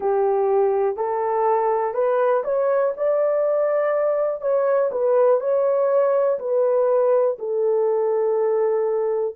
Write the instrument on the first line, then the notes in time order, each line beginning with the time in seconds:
horn
0.00 G4
0.96 A4
1.94 B4
2.44 C#5
2.96 D5
4.41 C#5
4.91 B4
5.40 C#5
6.39 B4
7.39 A4